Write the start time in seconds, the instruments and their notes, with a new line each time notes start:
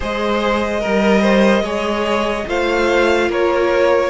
0.00 cello G#3, viola G#4, violin C5 D#5
0.80 cello G3, violin A#4, viola A#4
1.21 violin C5
1.62 cello G#3, viola G#4, violin C#5
2.47 cello A3, viola F4, violin C5 F5
3.28 cello A#3, violin A#4 C#5